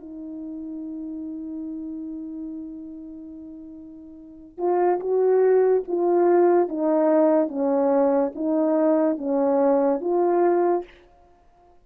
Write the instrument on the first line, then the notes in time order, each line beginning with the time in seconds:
horn
0.00 D#4
4.58 F4
5.00 F#4
5.88 F4
6.69 D#4
7.48 C#4
8.35 D#4
9.18 C#4
10.01 F4